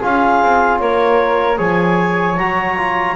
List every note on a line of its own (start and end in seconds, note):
0.00 0.43 C#4
0.00 1.57 F4
0.00 0.79 G#4
0.00 0.80 F5
0.43 0.81 C4
0.80 1.59 A#3
0.80 1.58 A#4
0.80 1.59 C#5
1.57 2.38 F3
1.57 2.36 G#4
1.57 3.16 C#5
1.57 2.38 G#5
2.38 3.17 F#3
2.38 2.78 F#4
2.38 3.17 A#5
2.78 3.17 F4